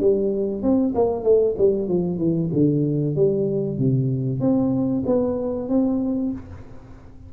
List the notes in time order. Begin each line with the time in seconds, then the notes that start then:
0.00 G3
0.62 C4
0.95 A#3
1.23 A3
1.58 G3
1.88 F3
2.18 E3
2.52 D3
3.16 G3
3.78 C3
4.40 C4
5.06 B3
5.69 C4